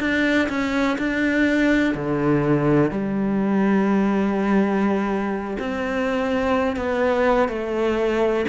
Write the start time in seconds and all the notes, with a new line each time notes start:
0.00 D4
0.49 C#4
0.99 D4
1.94 D3
2.91 G3
5.59 C4
6.76 B3
7.49 A3